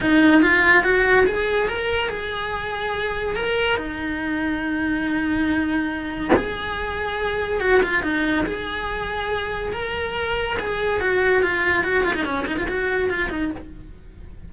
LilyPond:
\new Staff \with { instrumentName = "cello" } { \time 4/4 \tempo 4 = 142 dis'4 f'4 fis'4 gis'4 | ais'4 gis'2. | ais'4 dis'2.~ | dis'2. gis'4~ |
gis'2 fis'8 f'8 dis'4 | gis'2. ais'4~ | ais'4 gis'4 fis'4 f'4 | fis'8 f'16 dis'16 cis'8 dis'16 f'16 fis'4 f'8 dis'8 | }